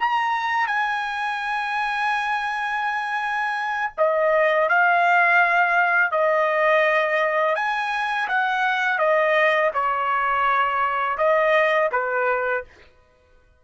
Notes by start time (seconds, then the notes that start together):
0.00 A#5
0.67 G#5
3.98 D#5
4.70 F5
6.12 D#5
7.56 G#5
8.29 F#5
8.99 D#5
9.74 C#5
11.18 D#5
11.92 B4